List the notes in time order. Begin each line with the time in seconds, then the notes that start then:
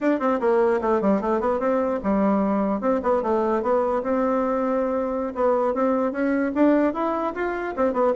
0.01 D4
0.19 C4
0.40 A#3
0.81 A3
1.01 G3
1.21 A3
1.40 B3
1.59 C4
2.03 G3
2.80 C4
3.03 B3
3.22 A3
3.62 B3
4.02 C4
5.34 B3
5.74 C4
6.12 C#4
6.54 D4
6.93 E4
7.34 F4
7.76 C4
7.93 B3